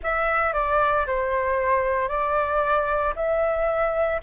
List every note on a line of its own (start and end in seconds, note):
0.02 0.53 E5
0.53 1.05 D5
1.06 2.08 C5
2.08 3.13 D5
3.15 4.21 E5